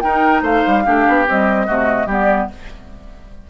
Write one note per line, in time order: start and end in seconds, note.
0.00 0.84 D#4
0.00 0.42 D#4
0.00 0.42 A#4
0.00 0.41 G5
0.42 0.62 A3
0.42 0.83 C5
0.42 1.27 F5
0.66 0.86 G3
0.84 1.07 A3
0.84 1.25 D4
0.84 1.66 G4
1.07 1.27 B3
1.27 1.67 G3
1.27 1.68 C4
1.27 2.09 D#5
1.66 2.06 C3
1.66 2.08 A3
1.66 2.06 F#4
2.06 2.47 G3
2.06 2.49 B3
2.06 2.47 G4
2.06 2.50 D5